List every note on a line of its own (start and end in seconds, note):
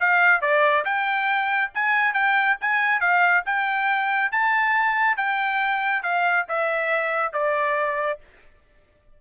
0.00 0.41 F5
0.41 0.84 D5
0.85 1.71 G5
1.74 2.13 G#5
2.13 2.57 G5
2.61 3.00 G#5
3.00 3.43 F5
3.45 4.32 G5
4.32 5.17 A5
5.17 6.03 G5
6.03 6.46 F5
6.48 7.33 E5
7.33 8.19 D5